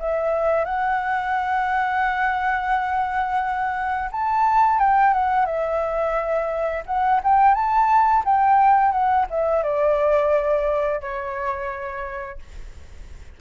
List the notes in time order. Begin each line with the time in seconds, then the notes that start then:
0.00 E5
0.65 F#5
4.12 A5
4.79 G5
5.14 F#5
5.46 E5
6.86 F#5
7.24 G5
7.55 A5
8.25 G5
8.92 F#5
9.30 E5
9.64 D5
11.01 C#5